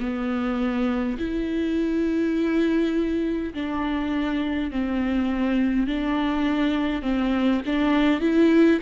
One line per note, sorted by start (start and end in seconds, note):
0.00 1.18 B3
1.18 3.53 E4
3.54 4.71 D4
4.71 5.88 C4
5.88 7.02 D4
7.02 7.61 C4
7.66 8.21 D4
8.21 8.80 E4